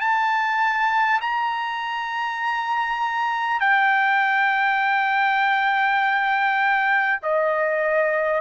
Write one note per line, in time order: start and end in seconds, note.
0.00 1.20 A5
1.21 3.60 A#5
3.60 7.20 G5
7.22 8.41 D#5